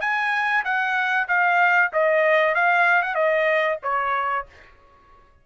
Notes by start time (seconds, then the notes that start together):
0.00 G#5
0.64 F#5
1.28 F5
1.92 D#5
2.55 F5
3.02 F#5
3.15 D#5
3.83 C#5